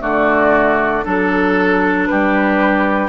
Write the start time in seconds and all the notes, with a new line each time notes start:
0.00 D3 A3 F#4 D5
1.04 F#3 D4 A4
2.06 G3 G4 B4